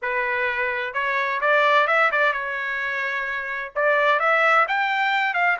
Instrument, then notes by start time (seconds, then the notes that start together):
trumpet
0.02 B4
0.93 C#5
1.41 D5
1.87 E5
2.11 D5
2.33 C#5
3.75 D5
4.19 E5
4.67 G5
5.34 F5